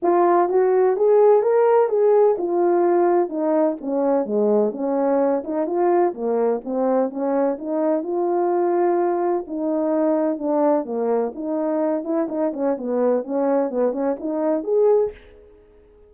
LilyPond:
\new Staff \with { instrumentName = "horn" } { \time 4/4 \tempo 4 = 127 f'4 fis'4 gis'4 ais'4 | gis'4 f'2 dis'4 | cis'4 gis4 cis'4. dis'8 | f'4 ais4 c'4 cis'4 |
dis'4 f'2. | dis'2 d'4 ais4 | dis'4. e'8 dis'8 cis'8 b4 | cis'4 b8 cis'8 dis'4 gis'4 | }